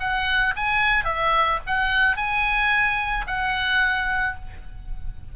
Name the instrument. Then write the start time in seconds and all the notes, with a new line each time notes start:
oboe
0.00 F#5
0.56 G#5
1.05 E5
1.67 F#5
2.16 G#5
3.27 F#5